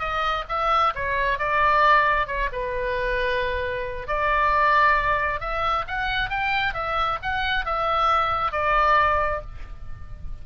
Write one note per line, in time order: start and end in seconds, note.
0.00 0.45 D#5
0.49 0.94 E5
0.96 1.39 C#5
1.39 2.27 D5
2.27 2.50 C#5
2.53 4.08 B4
4.08 5.41 D5
5.41 5.85 E5
5.88 6.30 F#5
6.30 6.74 G5
6.74 7.19 E5
7.23 7.66 F#5
7.66 8.52 E5
8.52 9.42 D5